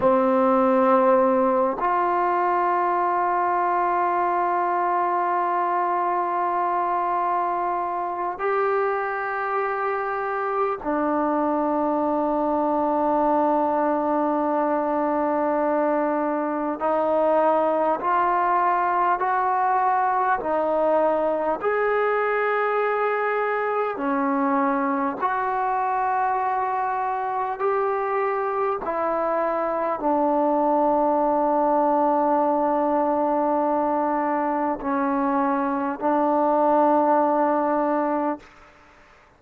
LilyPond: \new Staff \with { instrumentName = "trombone" } { \time 4/4 \tempo 4 = 50 c'4. f'2~ f'8~ | f'2. g'4~ | g'4 d'2.~ | d'2 dis'4 f'4 |
fis'4 dis'4 gis'2 | cis'4 fis'2 g'4 | e'4 d'2.~ | d'4 cis'4 d'2 | }